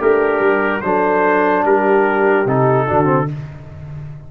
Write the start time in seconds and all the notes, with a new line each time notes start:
0.00 A3 D4 G4 A#4
0.40 G3
0.82 F#3 D4 A4 C5
1.64 G3 G4 A#4
2.46 C3 D#4 A4
2.87 D3 D4 F#4
3.05 C4